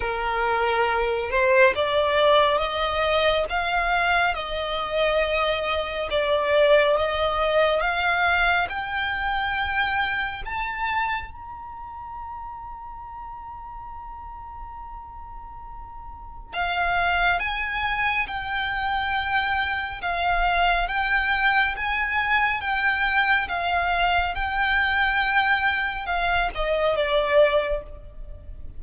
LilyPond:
\new Staff \with { instrumentName = "violin" } { \time 4/4 \tempo 4 = 69 ais'4. c''8 d''4 dis''4 | f''4 dis''2 d''4 | dis''4 f''4 g''2 | a''4 ais''2.~ |
ais''2. f''4 | gis''4 g''2 f''4 | g''4 gis''4 g''4 f''4 | g''2 f''8 dis''8 d''4 | }